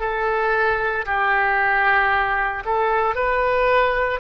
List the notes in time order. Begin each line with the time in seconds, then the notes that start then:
0.00 A4
1.05 G4
2.65 A4
3.15 B4